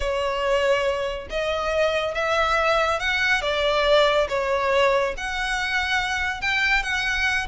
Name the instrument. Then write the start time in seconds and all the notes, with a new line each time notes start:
violin
0.00 C#5
1.30 D#5
2.14 E5
2.99 F#5
3.41 D5
4.28 C#5
5.17 F#5
6.41 G5
6.82 F#5